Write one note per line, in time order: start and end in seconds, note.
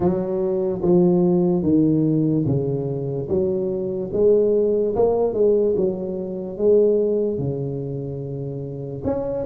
0.00 0.81 F#3
0.82 1.62 F3
1.62 2.44 D#3
2.45 3.28 C#3
3.28 4.11 F#3
4.12 4.95 G#3
4.95 5.33 A#3
5.33 5.75 G#3
5.76 6.57 F#3
6.57 7.38 G#3
7.38 9.02 C#3
9.04 9.45 C#4